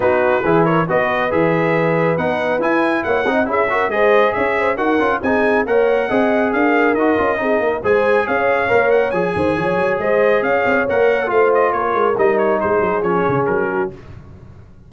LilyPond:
<<
  \new Staff \with { instrumentName = "trumpet" } { \time 4/4 \tempo 4 = 138 b'4. cis''8 dis''4 e''4~ | e''4 fis''4 gis''4 fis''4 | e''4 dis''4 e''4 fis''4 | gis''4 fis''2 f''4 |
dis''2 gis''4 f''4~ | f''8 fis''8 gis''2 dis''4 | f''4 fis''4 f''8 dis''8 cis''4 | dis''8 cis''8 c''4 cis''4 ais'4 | }
  \new Staff \with { instrumentName = "horn" } { \time 4/4 fis'4 gis'8 ais'8 b'2~ | b'2. cis''8 dis''8 | gis'8 ais'8 c''4 cis''8 c''8 ais'4 | gis'4 cis''4 dis''4 ais'4~ |
ais'4 gis'8 ais'8 c''4 cis''4~ | cis''4. c''8 cis''4 c''4 | cis''2 c''4 ais'4~ | ais'4 gis'2~ gis'8 fis'8 | }
  \new Staff \with { instrumentName = "trombone" } { \time 4/4 dis'4 e'4 fis'4 gis'4~ | gis'4 dis'4 e'4. dis'8 | e'8 fis'8 gis'2 fis'8 f'8 | dis'4 ais'4 gis'2 |
fis'8 f'8 dis'4 gis'2 | ais'4 gis'2.~ | gis'4 ais'4 f'2 | dis'2 cis'2 | }
  \new Staff \with { instrumentName = "tuba" } { \time 4/4 b4 e4 b4 e4~ | e4 b4 e'4 ais8 c'8 | cis'4 gis4 cis'4 dis'8 cis'8 | c'4 ais4 c'4 d'4 |
dis'8 cis'8 c'8 ais8 gis4 cis'4 | ais4 f8 dis8 f8 fis8 gis4 | cis'8 c'8 ais4 a4 ais8 gis8 | g4 gis8 fis8 f8 cis8 fis4 | }
>>